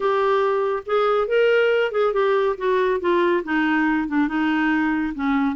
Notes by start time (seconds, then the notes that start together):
0.00 G4
0.86 G#4
1.27 A#4
1.91 G#4
2.13 G4
2.57 F#4
3.00 F4
3.43 D#4
4.08 D4
4.28 D#4
5.14 C#4